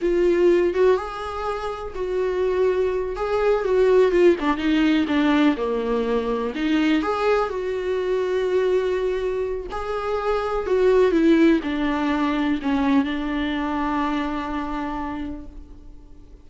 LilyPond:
\new Staff \with { instrumentName = "viola" } { \time 4/4 \tempo 4 = 124 f'4. fis'8 gis'2 | fis'2~ fis'8 gis'4 fis'8~ | fis'8 f'8 d'8 dis'4 d'4 ais8~ | ais4. dis'4 gis'4 fis'8~ |
fis'1 | gis'2 fis'4 e'4 | d'2 cis'4 d'4~ | d'1 | }